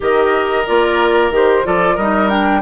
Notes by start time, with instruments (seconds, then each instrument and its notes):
0.00 bassoon D#3, clarinet G4, oboe A#4, flute D#5
0.66 bassoon A#3, clarinet F4, flute D5
1.30 bassoon D#3, clarinet G4, flute C5
1.64 bassoon F3, clarinet F4, oboe A4, flute D5
1.94 bassoon G3, oboe A#4, flute D#5
2.00 clarinet D#4
2.29 clarinet D4, flute G5